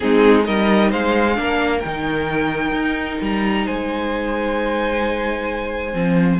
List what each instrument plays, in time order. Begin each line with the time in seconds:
0.00 cello G#3, viola C4, violin D#4 G#4
0.42 cello G3, viola D#4, violin A#4 D#5
0.90 cello G#3, violin C5 F5
1.34 cello A#3, viola D4, violin A#4
1.80 cello D#3, viola D#4, violin G5
2.71 cello D#4
3.21 cello G3, violin A#5
3.65 cello G#3, violin C5 G#5
5.93 cello F3, viola C4